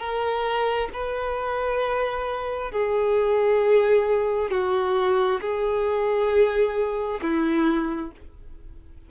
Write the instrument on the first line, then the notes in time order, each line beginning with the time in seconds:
violin
0.00 A#4
0.94 B4
2.72 G#4
4.51 F#4
5.41 G#4
7.22 E4